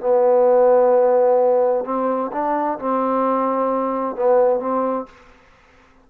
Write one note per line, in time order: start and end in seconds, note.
0.00 1.85 B3
1.85 2.31 C4
2.33 2.79 D4
2.79 4.16 C4
4.16 4.60 B3
4.60 5.06 C4